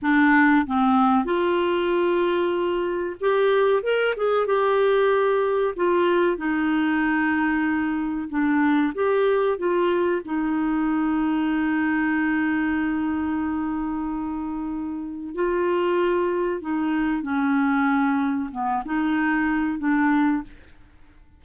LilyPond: \new Staff \with { instrumentName = "clarinet" } { \time 4/4 \tempo 4 = 94 d'4 c'4 f'2~ | f'4 g'4 ais'8 gis'8 g'4~ | g'4 f'4 dis'2~ | dis'4 d'4 g'4 f'4 |
dis'1~ | dis'1 | f'2 dis'4 cis'4~ | cis'4 b8 dis'4. d'4 | }